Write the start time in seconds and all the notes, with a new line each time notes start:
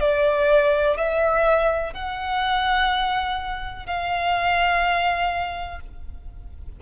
0.00 D5
0.97 E5
1.93 F#5
3.86 F5